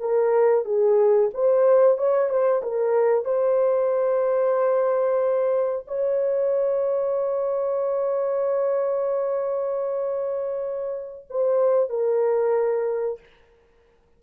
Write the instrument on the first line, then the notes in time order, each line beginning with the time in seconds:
horn
0.00 A#4
0.65 G#4
1.34 C5
1.98 C#5
2.29 C5
2.63 A#4
3.25 C5
5.88 C#5
11.30 C5
11.89 A#4